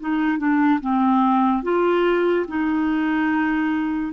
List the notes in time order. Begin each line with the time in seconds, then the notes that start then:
0.00 D#4
0.38 D4
0.80 C4
1.62 F4
2.48 D#4